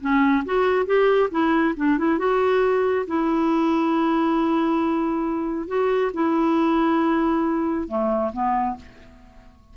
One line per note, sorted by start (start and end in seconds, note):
0.00 0.44 C#4
0.45 0.86 F#4
0.86 1.29 G4
1.31 1.74 E4
1.76 1.97 D4
1.97 2.18 E4
2.18 3.06 F#4
3.07 5.67 E4
5.67 6.11 F#4
6.13 7.88 E4
7.88 8.32 A3
8.33 8.76 B3